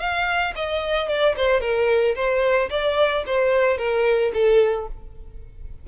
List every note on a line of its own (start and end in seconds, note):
0.00 0.54 F5
0.56 1.09 D#5
1.09 1.36 D5
1.37 1.61 C5
1.61 2.15 A#4
2.16 2.70 C5
2.70 3.24 D5
3.27 3.78 C5
3.78 4.32 A#4
4.34 4.88 A4